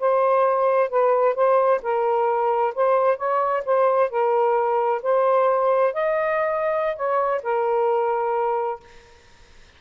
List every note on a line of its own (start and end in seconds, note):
0.00 0.90 C5
0.90 1.35 B4
1.35 1.81 C5
1.83 2.74 A#4
2.75 3.18 C5
3.18 3.63 C#5
3.66 4.10 C5
4.10 5.02 A#4
5.03 5.94 C5
5.94 6.96 D#5
6.96 7.42 C#5
7.43 8.80 A#4